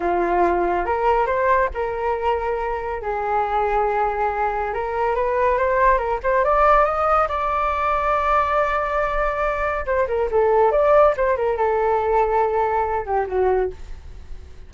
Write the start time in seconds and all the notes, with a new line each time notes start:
0.00 F4
0.85 A#4
1.26 C5
1.74 A#4
3.02 G#4
4.73 A#4
5.15 B4
5.58 C5
5.97 A#4
6.23 C5
6.44 D5
6.85 D#5
7.28 D5
9.86 C5
10.07 A#4
10.31 A4
10.71 D5
11.16 C5
11.36 A#4
11.57 A4
13.05 G4
13.27 F#4